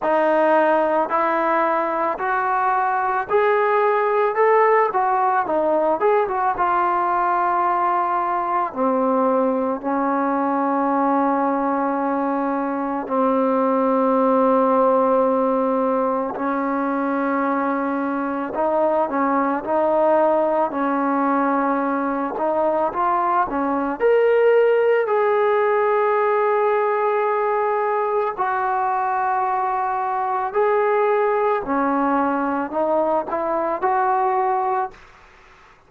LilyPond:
\new Staff \with { instrumentName = "trombone" } { \time 4/4 \tempo 4 = 55 dis'4 e'4 fis'4 gis'4 | a'8 fis'8 dis'8 gis'16 fis'16 f'2 | c'4 cis'2. | c'2. cis'4~ |
cis'4 dis'8 cis'8 dis'4 cis'4~ | cis'8 dis'8 f'8 cis'8 ais'4 gis'4~ | gis'2 fis'2 | gis'4 cis'4 dis'8 e'8 fis'4 | }